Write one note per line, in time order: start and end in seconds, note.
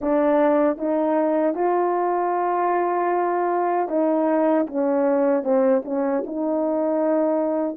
0.01 0.77 D4
0.77 1.54 D#4
1.54 3.88 F4
3.88 4.66 D#4
4.66 5.43 C#4
5.43 5.82 C4
5.84 6.23 C#4
6.26 7.77 D#4